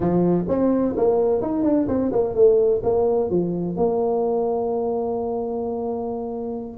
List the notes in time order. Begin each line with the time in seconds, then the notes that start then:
0.00 F3
0.48 C4
0.96 A#3
1.41 D#4
1.63 D4
1.87 C4
2.11 A#3
2.34 A3
2.83 A#3
3.29 F3
3.76 A#3